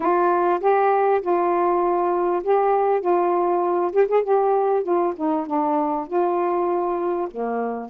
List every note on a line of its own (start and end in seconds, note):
0.00 0.60 F4
0.60 1.21 G4
1.21 2.42 F4
2.43 3.01 G4
3.01 3.91 F4
3.92 4.07 G4
4.08 4.23 G#4
4.23 4.83 G4
4.83 5.13 F4
5.16 5.46 D#4
5.46 6.07 D4
6.07 7.28 F4
7.30 7.89 A#3